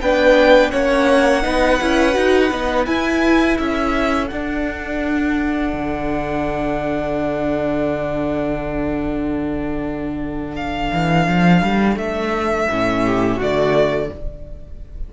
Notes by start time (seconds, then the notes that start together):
0.00 B3 D4 B4 G5
0.71 A#3 C#4 C#5 F#5
1.43 B3 D#4 B4
1.81 C#4 E4
2.13 D#4 F#4
2.52 B3 D#4
2.86 E4 G#5
3.58 C#4 A4 E5
4.28 D4 F#5
5.74 D3
10.56 F5
10.93 E3
11.28 F3
11.63 G3
11.96 A3 E5
12.71 A2 C#4
13.05 G4
13.38 D3 A3 F#4 D5